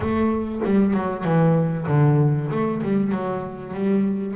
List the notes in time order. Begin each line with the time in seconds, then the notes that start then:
0.00 A3
0.64 G3
0.94 F#3
1.24 E3
1.87 D3
2.50 A3
2.82 G3
3.12 F#3
3.73 G3